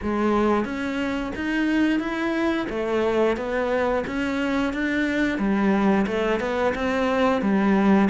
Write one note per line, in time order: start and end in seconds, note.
0.02 0.64 G#3
0.64 1.32 C#4
1.35 1.99 D#4
1.99 2.67 E4
2.69 3.36 A3
3.36 4.04 B3
4.06 4.73 C#4
4.73 5.38 D4
5.38 6.06 G3
6.06 6.40 A3
6.40 6.73 B3
6.74 7.41 C4
7.41 8.08 G3